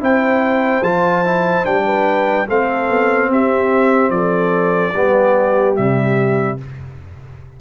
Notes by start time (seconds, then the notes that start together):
0.00 C4 E4 C5 G5
0.81 F3 F4 A5
1.25 E4
1.64 G3 D4 G5
1.85 B4
2.47 A3 C4 A4 F5
2.89 B3
3.29 C4 G4 E5
4.09 F3 A4 D5
4.92 G3 B3 G4
5.75 C3 G3 E5